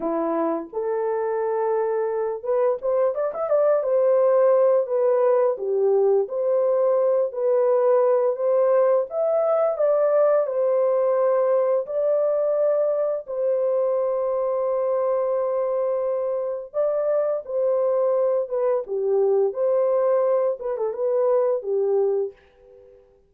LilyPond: \new Staff \with { instrumentName = "horn" } { \time 4/4 \tempo 4 = 86 e'4 a'2~ a'8 b'8 | c''8 d''16 e''16 d''8 c''4. b'4 | g'4 c''4. b'4. | c''4 e''4 d''4 c''4~ |
c''4 d''2 c''4~ | c''1 | d''4 c''4. b'8 g'4 | c''4. b'16 a'16 b'4 g'4 | }